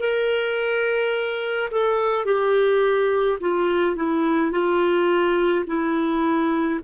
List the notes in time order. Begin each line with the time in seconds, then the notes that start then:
0.00 A#4
1.71 A4
2.25 G4
3.41 F4
3.96 E4
4.52 F4
5.67 E4